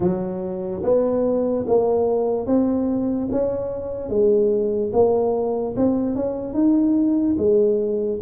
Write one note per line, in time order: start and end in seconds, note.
0.00 0.82 F#3
0.83 1.65 B3
1.67 2.46 A#3
2.46 3.28 C4
3.31 4.09 C#4
4.09 4.91 G#3
4.92 5.75 A#3
5.76 6.15 C4
6.15 6.53 C#4
6.53 7.36 D#4
7.37 8.20 G#3